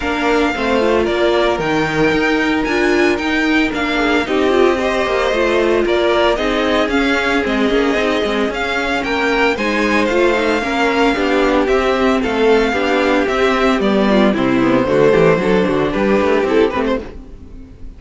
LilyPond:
<<
  \new Staff \with { instrumentName = "violin" } { \time 4/4 \tempo 4 = 113 f''2 d''4 g''4~ | g''4 gis''4 g''4 f''4 | dis''2. d''4 | dis''4 f''4 dis''2 |
f''4 g''4 gis''4 f''4~ | f''2 e''4 f''4~ | f''4 e''4 d''4 c''4~ | c''2 b'4 a'8 b'16 c''16 | }
  \new Staff \with { instrumentName = "violin" } { \time 4/4 ais'4 c''4 ais'2~ | ais'2.~ ais'8 gis'8 | g'4 c''2 ais'4 | gis'1~ |
gis'4 ais'4 c''2 | ais'4 g'2 a'4 | g'2~ g'8 f'8 e'4 | fis'8 g'8 a'8 fis'8 g'2 | }
  \new Staff \with { instrumentName = "viola" } { \time 4/4 d'4 c'8 f'4. dis'4~ | dis'4 f'4 dis'4 d'4 | dis'8 f'8 g'4 f'2 | dis'4 cis'4 c'8 cis'8 dis'8 c'8 |
cis'2 dis'4 f'8 dis'8 | cis'4 d'4 c'2 | d'4 c'4 b4 c'8 b8 | a4 d'2 e'8 c'8 | }
  \new Staff \with { instrumentName = "cello" } { \time 4/4 ais4 a4 ais4 dis4 | dis'4 d'4 dis'4 ais4 | c'4. ais8 a4 ais4 | c'4 cis'4 gis8 ais8 c'8 gis8 |
cis'4 ais4 gis4 a4 | ais4 b4 c'4 a4 | b4 c'4 g4 c4 | d8 e8 fis8 d8 g8 a8 c'8 a8 | }
>>